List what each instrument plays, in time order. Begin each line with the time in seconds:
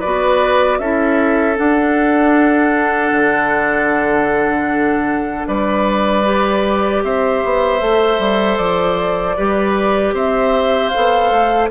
0.00 bassoon B3, clarinet F#4, oboe B4, flute D5
0.79 bassoon C#4, clarinet E4, oboe A4, flute E5
1.56 clarinet D4, bassoon D4, flute F#5
3.12 bassoon D3
5.48 bassoon G3, oboe B4, flute D5
6.24 clarinet G4
7.04 bassoon C4, oboe C5, flute E5
7.45 bassoon B3
7.80 bassoon A3, clarinet A4
8.19 bassoon G3
8.57 bassoon F3, flute D5
9.37 bassoon G3, clarinet G4, oboe B4
10.13 bassoon C4, oboe C5, flute E5
10.89 clarinet A4, flute F5
10.96 bassoon B3
11.31 bassoon A3